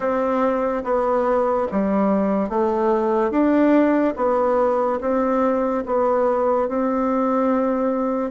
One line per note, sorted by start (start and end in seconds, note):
0.00 0.83 C4
0.83 1.67 B3
1.71 2.48 G3
2.48 3.30 A3
3.30 4.14 D4
4.16 4.99 B3
5.00 5.84 C4
5.86 6.68 B3
6.68 8.31 C4